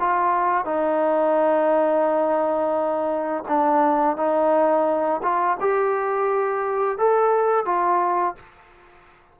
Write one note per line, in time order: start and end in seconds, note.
0.00 0.65 F4
0.65 3.44 D#4
3.49 4.17 D4
4.17 5.21 D#4
5.23 5.58 F4
5.61 6.98 G4
6.98 7.66 A4
7.66 8.36 F4